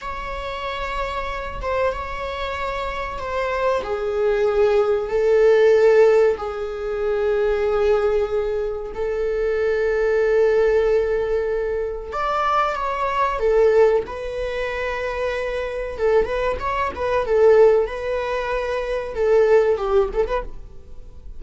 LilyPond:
\new Staff \with { instrumentName = "viola" } { \time 4/4 \tempo 4 = 94 cis''2~ cis''8 c''8 cis''4~ | cis''4 c''4 gis'2 | a'2 gis'2~ | gis'2 a'2~ |
a'2. d''4 | cis''4 a'4 b'2~ | b'4 a'8 b'8 cis''8 b'8 a'4 | b'2 a'4 g'8 a'16 b'16 | }